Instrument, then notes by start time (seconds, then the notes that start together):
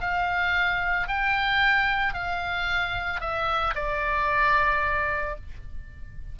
oboe
0.00 F5
1.07 G5
2.14 F5
3.20 E5
3.75 D5